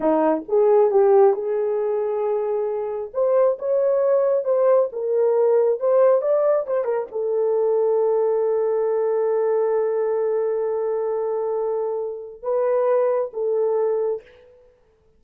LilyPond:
\new Staff \with { instrumentName = "horn" } { \time 4/4 \tempo 4 = 135 dis'4 gis'4 g'4 gis'4~ | gis'2. c''4 | cis''2 c''4 ais'4~ | ais'4 c''4 d''4 c''8 ais'8 |
a'1~ | a'1~ | a'1 | b'2 a'2 | }